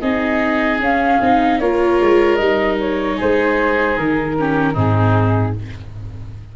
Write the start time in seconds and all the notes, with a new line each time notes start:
0.00 C4 D#4 G#4 D#5
0.80 C#4 F5
1.21 C4 D#4
1.59 A#3 F4 A#4 C#5
2.01 G#3
2.36 G3 D#4 D#5
2.80 C#5
3.16 G#3 G#4 C5
3.97 D#3 A#4
4.39 C#4 G4
4.73 G#2 C4 D#4 G#4